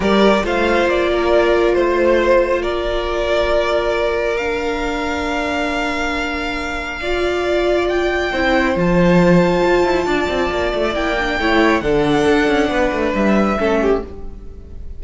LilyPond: <<
  \new Staff \with { instrumentName = "violin" } { \time 4/4 \tempo 4 = 137 d''4 f''4 d''2 | c''2 d''2~ | d''2 f''2~ | f''1~ |
f''2 g''2 | a''1~ | a''4 g''2 fis''4~ | fis''2 e''2 | }
  \new Staff \with { instrumentName = "violin" } { \time 4/4 ais'4 c''4. ais'4. | c''2 ais'2~ | ais'1~ | ais'1 |
d''2. c''4~ | c''2. d''4~ | d''2 cis''4 a'4~ | a'4 b'2 a'8 g'8 | }
  \new Staff \with { instrumentName = "viola" } { \time 4/4 g'4 f'2.~ | f'1~ | f'2 d'2~ | d'1 |
f'2. e'4 | f'1~ | f'4 e'8 d'8 e'4 d'4~ | d'2. cis'4 | }
  \new Staff \with { instrumentName = "cello" } { \time 4/4 g4 a4 ais2 | a2 ais2~ | ais1~ | ais1~ |
ais2. c'4 | f2 f'8 e'8 d'8 c'8 | ais8 a8 ais4 a4 d4 | d'8 cis'8 b8 a8 g4 a4 | }
>>